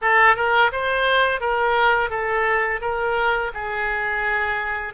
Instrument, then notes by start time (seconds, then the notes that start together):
oboe
0.01 A4
0.36 A#4
0.72 C5
1.40 A#4
2.10 A4
2.81 A#4
3.54 G#4